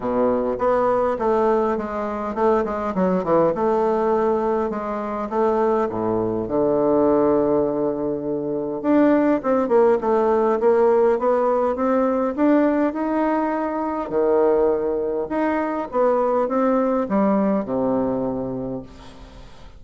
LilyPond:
\new Staff \with { instrumentName = "bassoon" } { \time 4/4 \tempo 4 = 102 b,4 b4 a4 gis4 | a8 gis8 fis8 e8 a2 | gis4 a4 a,4 d4~ | d2. d'4 |
c'8 ais8 a4 ais4 b4 | c'4 d'4 dis'2 | dis2 dis'4 b4 | c'4 g4 c2 | }